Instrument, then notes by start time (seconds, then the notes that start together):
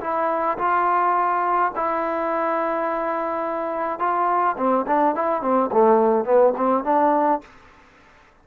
trombone
0.00 E4
0.57 F4
1.75 E4
3.99 F4
4.57 C4
4.86 D4
5.15 E4
5.41 C4
5.72 A3
6.25 B3
6.56 C4
6.84 D4